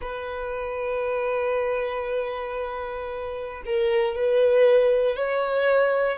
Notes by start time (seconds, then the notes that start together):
0.00 B4
3.65 A#4
4.15 B4
5.15 C#5